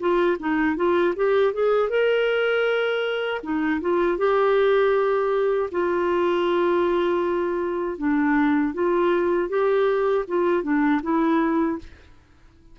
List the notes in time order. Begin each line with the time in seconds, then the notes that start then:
0.00 F4
0.40 D#4
0.77 F4
1.16 G4
1.54 G#4
1.90 A#4
3.43 D#4
3.81 F4
4.18 G4
5.72 F4
7.99 D4
8.74 F4
9.50 G4
10.28 F4
10.64 D4
11.03 E4